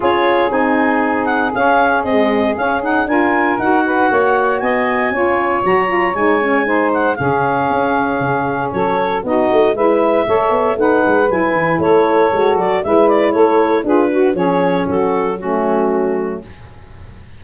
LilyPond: <<
  \new Staff \with { instrumentName = "clarinet" } { \time 4/4 \tempo 4 = 117 cis''4 gis''4. fis''8 f''4 | dis''4 f''8 fis''8 gis''4 fis''4~ | fis''4 gis''2 ais''4 | gis''4. fis''8 f''2~ |
f''4 cis''4 dis''4 e''4~ | e''4 fis''4 gis''4 cis''4~ | cis''8 d''8 e''8 d''8 cis''4 b'4 | cis''4 a'4 fis'2 | }
  \new Staff \with { instrumentName = "saxophone" } { \time 4/4 gis'1~ | gis'2 ais'4. b'8 | cis''4 dis''4 cis''2~ | cis''4 c''4 gis'2~ |
gis'4 a'4 fis'4 b'4 | cis''4 b'2 a'4~ | a'4 b'4 a'4 gis'8 fis'8 | gis'4 fis'4 cis'2 | }
  \new Staff \with { instrumentName = "saxophone" } { \time 4/4 f'4 dis'2 cis'4 | gis4 cis'8 dis'8 f'4 fis'4~ | fis'2 f'4 fis'8 f'8 | dis'8 cis'8 dis'4 cis'2~ |
cis'2 dis'4 e'4 | a'4 dis'4 e'2 | fis'4 e'2 f'8 fis'8 | cis'2 a2 | }
  \new Staff \with { instrumentName = "tuba" } { \time 4/4 cis'4 c'2 cis'4 | c'4 cis'4 d'4 dis'4 | ais4 b4 cis'4 fis4 | gis2 cis4 cis'4 |
cis4 fis4 b8 a8 gis4 | a8 b8 a8 gis8 fis8 e8 a4 | gis8 fis8 gis4 a4 d'4 | f4 fis2. | }
>>